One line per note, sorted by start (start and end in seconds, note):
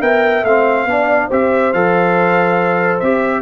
0.00 0.43 B3
0.00 0.43 A#4
0.00 0.86 E5
0.00 0.44 G5
0.43 0.85 A3
0.43 0.88 C4
0.43 1.30 F5
0.85 1.28 B3
0.85 1.30 D4
0.85 1.27 D5
1.27 1.73 C4
1.27 1.73 G4
1.27 3.41 C5
1.27 1.73 E5
1.73 3.02 F3
1.73 3.02 A4
1.73 2.99 F5
2.99 3.41 C4
2.99 3.41 G4
2.99 3.41 E5